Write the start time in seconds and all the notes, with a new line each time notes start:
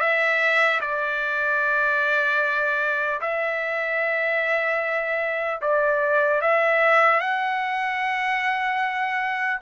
0.00 E5
0.80 D5
3.21 E5
5.61 D5
6.41 E5
7.20 F#5